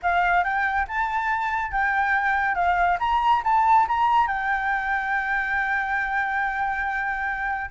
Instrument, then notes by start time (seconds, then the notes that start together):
flute
0.02 F5
0.44 G5
0.87 A5
1.71 G5
2.54 F5
2.99 A#5
3.44 A5
3.88 A#5
4.27 G5